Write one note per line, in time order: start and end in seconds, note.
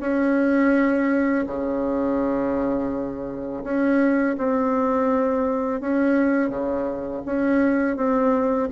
0.00 1.45 C#4
1.46 3.63 C#3
3.63 4.36 C#4
4.37 5.80 C4
5.80 6.49 C#4
6.49 7.21 C#3
7.25 7.96 C#4
7.96 8.68 C4